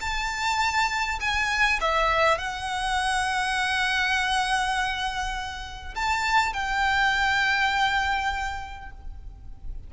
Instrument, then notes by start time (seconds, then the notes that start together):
violin
0.00 A5
1.20 G#5
1.80 E5
2.38 F#5
5.95 A5
6.53 G5